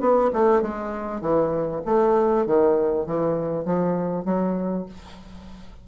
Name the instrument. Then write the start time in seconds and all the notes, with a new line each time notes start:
bassoon
0.00 B3
0.33 A3
0.62 G#3
1.21 E3
1.85 A3
2.46 D#3
3.06 E3
3.64 F3
4.25 F#3